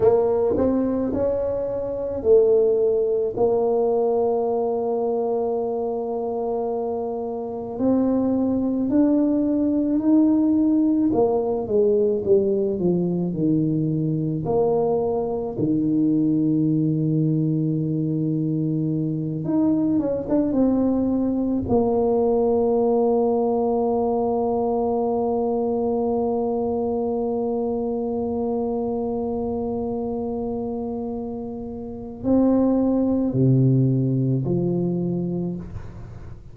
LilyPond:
\new Staff \with { instrumentName = "tuba" } { \time 4/4 \tempo 4 = 54 ais8 c'8 cis'4 a4 ais4~ | ais2. c'4 | d'4 dis'4 ais8 gis8 g8 f8 | dis4 ais4 dis2~ |
dis4. dis'8 cis'16 d'16 c'4 ais8~ | ais1~ | ais1~ | ais4 c'4 c4 f4 | }